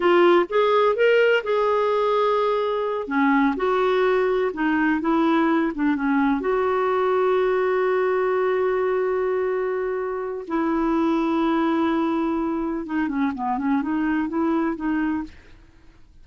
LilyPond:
\new Staff \with { instrumentName = "clarinet" } { \time 4/4 \tempo 4 = 126 f'4 gis'4 ais'4 gis'4~ | gis'2~ gis'8 cis'4 fis'8~ | fis'4. dis'4 e'4. | d'8 cis'4 fis'2~ fis'8~ |
fis'1~ | fis'2 e'2~ | e'2. dis'8 cis'8 | b8 cis'8 dis'4 e'4 dis'4 | }